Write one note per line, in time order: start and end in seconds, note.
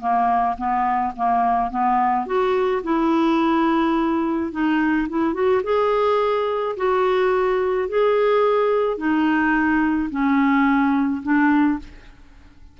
0.00 0.56 A#3
0.57 1.13 B3
1.16 1.70 A#3
1.70 2.26 B3
2.26 2.82 F#4
2.83 4.52 E4
4.52 5.08 D#4
5.09 5.33 E4
5.33 5.62 F#4
5.63 6.75 G#4
6.76 7.89 F#4
7.89 8.97 G#4
8.97 10.09 D#4
10.10 11.22 C#4
11.23 11.79 D4